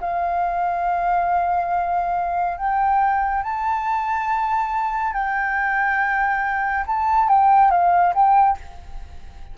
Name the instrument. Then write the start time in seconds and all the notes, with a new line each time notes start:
flute
0.00 F5
2.58 G5
3.43 A5
5.13 G5
6.87 A5
7.28 G5
7.71 F5
8.14 G5